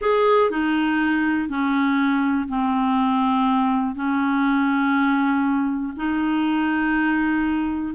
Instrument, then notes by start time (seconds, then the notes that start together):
clarinet
0.01 G#4
0.50 D#4
1.49 C#4
2.48 C4
3.95 C#4
5.96 D#4